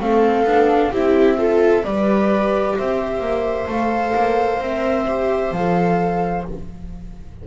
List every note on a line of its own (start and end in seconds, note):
0.00 0.45 A3
0.00 0.46 C4
0.00 0.91 A4
0.00 0.93 F5
0.45 0.91 B3
0.45 0.93 D4
0.91 1.84 C4
0.91 1.38 E4
0.91 1.37 G4
0.91 1.84 E5
1.38 1.84 F4
1.38 1.85 A4
1.84 2.77 G3
1.84 3.67 G4
1.84 2.77 B4
1.84 2.77 D5
2.77 3.20 C4
2.77 6.47 C5
2.77 3.70 E5
3.20 3.67 A#3
3.67 4.14 A3
3.67 4.60 A4
3.67 4.63 F5
4.15 4.59 A#3
4.59 5.52 C4
4.59 5.07 A#4
4.59 5.53 E5
5.08 5.54 G4
5.52 6.44 F3
5.52 6.48 A4
5.52 6.46 F5